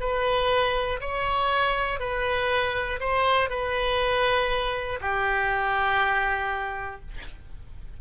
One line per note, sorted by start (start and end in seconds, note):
0.00 1.00 B4
1.00 2.00 C#5
2.00 3.00 B4
3.00 3.50 C5
3.50 5.00 B4
5.01 7.01 G4